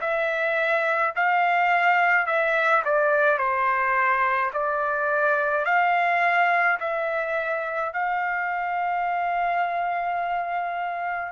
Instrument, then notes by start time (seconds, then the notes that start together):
trumpet
0.00 E5
1.15 F5
2.26 E5
2.84 D5
3.38 C5
4.53 D5
5.65 F5
6.80 E5
7.92 F5